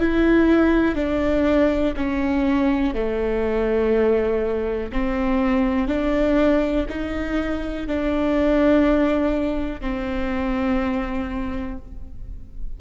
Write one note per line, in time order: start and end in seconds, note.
0.00 0.96 E4
0.96 1.94 D4
1.97 2.95 C#4
2.95 4.91 A3
4.92 5.88 C4
5.88 6.86 D4
6.89 7.87 D#4
7.88 9.81 D4
9.81 11.78 C4